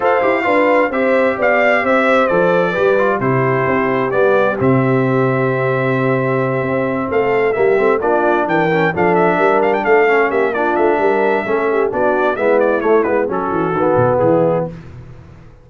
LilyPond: <<
  \new Staff \with { instrumentName = "trumpet" } { \time 4/4 \tempo 4 = 131 f''2 e''4 f''4 | e''4 d''2 c''4~ | c''4 d''4 e''2~ | e''2.~ e''8 f''8~ |
f''8 e''4 d''4 g''4 f''8 | e''4 f''16 g''16 f''4 e''8 d''8 e''8~ | e''2 d''4 e''8 d''8 | cis''8 b'8 a'2 gis'4 | }
  \new Staff \with { instrumentName = "horn" } { \time 4/4 c''4 b'4 c''4 d''4 | c''2 b'4 g'4~ | g'1~ | g'2.~ g'8 a'8~ |
a'8 g'4 f'4 ais'4 a'8~ | a'8 ais'4 a'4 g'8 f'4 | ais'4 a'8 g'8 fis'4 e'4~ | e'4 fis'2 e'4 | }
  \new Staff \with { instrumentName = "trombone" } { \time 4/4 a'8 g'8 f'4 g'2~ | g'4 a'4 g'8 f'8 e'4~ | e'4 b4 c'2~ | c'1~ |
c'8 ais8 c'8 d'4. cis'8 d'8~ | d'2 cis'4 d'4~ | d'4 cis'4 d'4 b4 | a8 b8 cis'4 b2 | }
  \new Staff \with { instrumentName = "tuba" } { \time 4/4 f'8 e'8 d'4 c'4 b4 | c'4 f4 g4 c4 | c'4 g4 c2~ | c2~ c8 c'4 a8~ |
a8 g8 a8 ais4 e4 f8~ | f8 g4 a4 ais4 a8 | g4 a4 b4 gis4 | a8 gis8 fis8 e8 dis8 b,8 e4 | }
>>